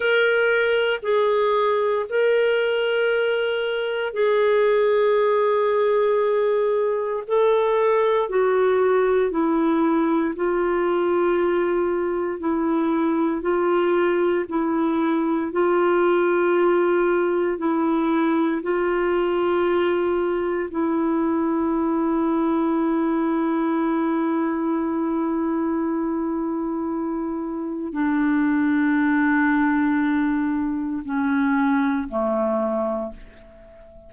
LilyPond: \new Staff \with { instrumentName = "clarinet" } { \time 4/4 \tempo 4 = 58 ais'4 gis'4 ais'2 | gis'2. a'4 | fis'4 e'4 f'2 | e'4 f'4 e'4 f'4~ |
f'4 e'4 f'2 | e'1~ | e'2. d'4~ | d'2 cis'4 a4 | }